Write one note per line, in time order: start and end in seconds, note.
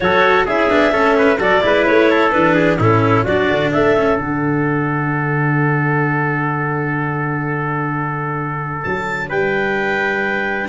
0.00 0.47 F#3
0.00 0.47 F#4
0.00 0.45 A4
0.00 0.46 C#5
0.45 0.70 C#4
0.45 0.70 E4
0.45 0.92 G#4
0.45 1.40 E5
0.70 0.91 B3
0.70 0.92 D4
0.91 1.38 A3
0.91 1.38 C#4
0.91 1.15 A4
1.17 1.38 B4
1.38 1.61 F#3
1.38 1.61 F#4
1.38 1.61 A4
1.38 1.86 D5
1.61 1.87 G#3
1.61 2.31 E4
1.61 2.10 B4
1.86 2.34 A3
1.86 2.31 C#5
2.10 2.54 A4
2.31 2.79 E3
2.31 2.78 D4
2.31 2.77 B4
2.54 2.77 G#4
2.79 3.25 A2
2.79 3.26 C#4
2.79 3.24 E4
2.79 3.24 A4
3.24 3.49 F#3
3.24 3.96 D4
3.24 3.70 F#4
3.24 3.71 D5
3.49 3.72 D3
3.72 4.19 A3
3.72 9.28 A4
3.72 4.18 E5
3.96 4.18 C#4
4.18 8.84 D3
4.18 10.68 D4
4.18 8.82 F#5
8.82 9.30 F#3
8.82 9.28 A5
9.28 10.68 G3
9.28 10.68 B4
9.28 10.68 G5